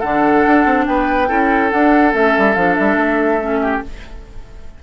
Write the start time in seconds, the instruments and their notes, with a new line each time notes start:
0.00 bassoon D3, clarinet D4, oboe A4, flute F#5
0.47 bassoon D4
0.65 bassoon C4
0.86 bassoon B3, oboe B4, flute G5
1.28 bassoon C#4, clarinet E4, oboe A4
1.70 clarinet D4, bassoon D4, flute F#5
2.12 bassoon A3, clarinet C#4, flute E5
2.38 bassoon G3
2.55 bassoon F3, clarinet D4, flute F5
2.75 bassoon G3, flute E5
2.96 bassoon A3
3.41 clarinet C#4
3.62 oboe G4